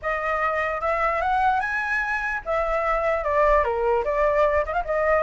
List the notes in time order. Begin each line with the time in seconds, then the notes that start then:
0.02 D#5
0.81 E5
1.21 F#5
1.60 G#5
2.45 E5
3.23 D5
3.64 A#4
4.04 D5
4.65 D#5
4.73 F5
4.84 D#5